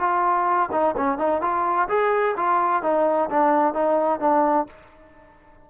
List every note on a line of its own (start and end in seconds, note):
0.00 0.70 F4
0.72 0.96 D#4
0.98 1.19 C#4
1.19 1.42 D#4
1.42 1.89 F4
1.89 2.36 G#4
2.37 2.83 F4
2.83 3.30 D#4
3.31 3.74 D4
3.74 4.21 D#4
4.21 4.67 D4